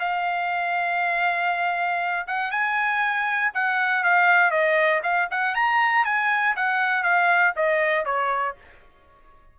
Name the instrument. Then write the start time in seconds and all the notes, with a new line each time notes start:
trumpet
0.00 F5
2.28 F#5
2.52 G#5
3.54 F#5
4.04 F5
4.51 D#5
5.04 F5
5.31 F#5
5.55 A#5
6.05 G#5
6.56 F#5
7.04 F5
7.57 D#5
8.06 C#5